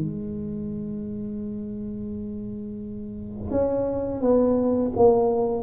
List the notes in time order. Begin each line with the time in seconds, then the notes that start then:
0.00 G#3
3.51 C#4
4.21 B3
4.96 A#3